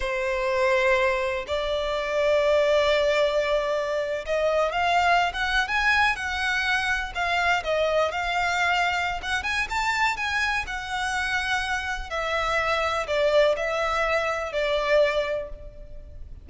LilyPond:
\new Staff \with { instrumentName = "violin" } { \time 4/4 \tempo 4 = 124 c''2. d''4~ | d''1~ | d''8. dis''4 f''4~ f''16 fis''8. gis''16~ | gis''8. fis''2 f''4 dis''16~ |
dis''8. f''2~ f''16 fis''8 gis''8 | a''4 gis''4 fis''2~ | fis''4 e''2 d''4 | e''2 d''2 | }